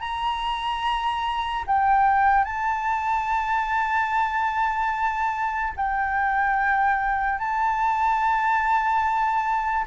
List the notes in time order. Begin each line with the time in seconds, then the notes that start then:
0.00 A#5
1.67 G5
2.44 A5
5.76 G5
7.39 A5